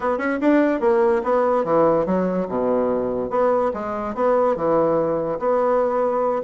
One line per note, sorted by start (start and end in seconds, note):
0.00 0.18 B3
0.18 0.38 C#4
0.40 0.80 D4
0.80 1.22 A#3
1.23 1.64 B3
1.64 2.05 E3
2.05 2.47 F#3
2.48 3.30 B2
3.30 3.71 B3
3.73 4.15 G#3
4.15 4.56 B3
4.56 5.38 E3
5.39 6.42 B3